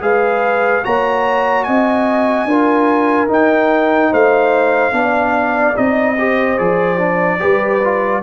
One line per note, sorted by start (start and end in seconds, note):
0.00 0.83 G#3
0.00 0.82 G#4
0.00 0.85 B4
0.00 0.84 F5
0.84 1.67 A#3
0.84 2.48 F#4
0.84 1.66 C#5
0.84 1.64 A#5
1.64 2.45 C4
1.64 2.49 D#5
1.64 3.28 G#5
2.45 3.27 D4
2.45 3.28 F4
2.45 4.11 A#4
3.28 4.92 D#4
3.28 4.11 D#4
3.28 4.13 G5
4.11 4.92 A3
4.11 4.93 C5
4.11 5.77 F5
4.92 5.74 B3
4.92 5.74 D4
4.92 6.19 D5
5.75 6.59 C4
5.75 6.16 D#4
5.75 6.58 D#5
6.18 6.58 G4
6.18 7.41 C5
6.58 7.41 F3
6.58 6.98 G#4
6.58 8.23 D5
6.98 7.39 D4
7.40 8.23 G3
7.40 7.81 G4
7.40 8.23 B4
7.84 8.23 F4